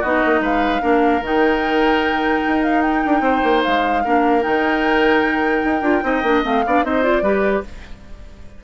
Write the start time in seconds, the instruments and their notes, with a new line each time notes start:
0.00 bassoon B3, clarinet D#4, oboe F#4, flute D#5
0.25 bassoon A#3
0.40 bassoon G#3, oboe B4, flute F5
0.80 bassoon A#3, clarinet D4, oboe A#4
1.21 bassoon D#3, clarinet D#4, flute G5
2.47 bassoon D#4
2.63 flute F5
2.82 flute G5
3.05 bassoon D4
3.20 bassoon C4, oboe C5
3.43 bassoon A#3
3.62 bassoon G#3, flute F5
4.04 bassoon A#3, clarinet D4, oboe A#4
4.41 bassoon D#3, clarinet D#4, flute G5
5.64 bassoon D#4
5.81 bassoon D4, clarinet F4
6.02 bassoon C4, clarinet D#4, oboe D#5
6.22 bassoon A#3, clarinet D4
6.43 bassoon A3, clarinet C4, flute F5
6.66 bassoon B3, clarinet D4, oboe D5
6.83 bassoon C4, clarinet D#4, oboe C5, flute D#5
7.02 clarinet F4, flute D5
7.22 bassoon G3, clarinet G4, oboe B4